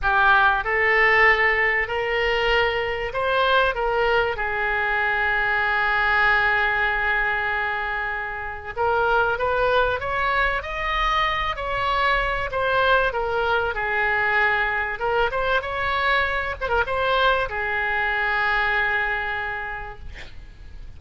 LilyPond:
\new Staff \with { instrumentName = "oboe" } { \time 4/4 \tempo 4 = 96 g'4 a'2 ais'4~ | ais'4 c''4 ais'4 gis'4~ | gis'1~ | gis'2 ais'4 b'4 |
cis''4 dis''4. cis''4. | c''4 ais'4 gis'2 | ais'8 c''8 cis''4. c''16 ais'16 c''4 | gis'1 | }